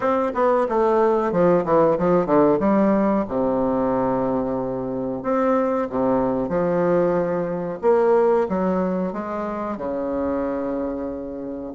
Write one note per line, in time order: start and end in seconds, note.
0.00 0.31 C4
0.34 0.67 B3
0.68 1.32 A3
1.32 1.64 F3
1.65 1.97 E3
1.97 2.26 F3
2.26 2.58 D3
2.59 3.25 G3
3.28 5.22 C3
5.22 5.88 C4
5.89 6.48 C3
6.48 7.79 F3
7.81 8.47 A#3
8.48 9.12 F#3
9.12 9.77 G#3
9.77 11.72 C#3